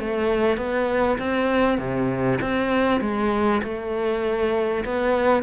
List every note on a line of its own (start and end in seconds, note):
0.00 0.58 A3
0.58 1.18 B3
1.18 1.79 C4
1.79 2.39 C3
2.42 3.01 C4
3.01 3.62 G#3
3.63 4.85 A3
4.85 5.43 B3